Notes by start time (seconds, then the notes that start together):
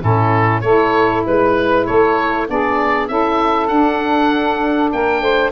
0.00 A2 C#4 E4 A4
0.61 A3 E4 A4 C#5
1.26 G#3 B4
1.86 A3 A4 C#5
2.47 B3 D4 G#4 D5
3.08 C#4 E4 A4 E5
3.67 D4 F#5
4.92 A#3 A#4 G5
5.21 A3 C5